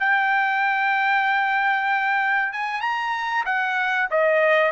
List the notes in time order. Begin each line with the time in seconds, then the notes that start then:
0.00 G5
2.53 G#5
2.81 A#5
3.46 F#5
4.11 D#5